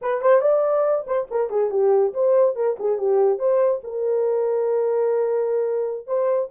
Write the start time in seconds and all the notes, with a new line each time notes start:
0.01 B4
0.21 C5
0.41 D5
1.07 C5
1.30 A#4
1.50 G#4
1.70 G4
2.13 C5
2.55 A#4
2.79 G#4
2.97 G4
3.38 C5
3.83 A#4
6.06 C5